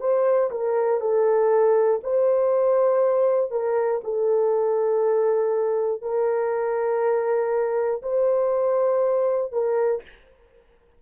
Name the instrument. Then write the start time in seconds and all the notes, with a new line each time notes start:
horn
0.00 C5
0.51 A#4
1.00 A4
2.03 C5
3.51 A#4
4.04 A4
6.01 A#4
8.02 C5
9.52 A#4